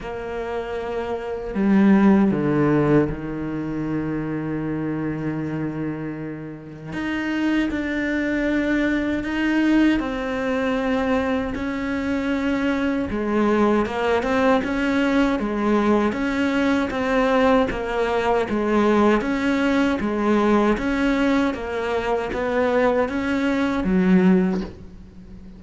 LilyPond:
\new Staff \with { instrumentName = "cello" } { \time 4/4 \tempo 4 = 78 ais2 g4 d4 | dis1~ | dis4 dis'4 d'2 | dis'4 c'2 cis'4~ |
cis'4 gis4 ais8 c'8 cis'4 | gis4 cis'4 c'4 ais4 | gis4 cis'4 gis4 cis'4 | ais4 b4 cis'4 fis4 | }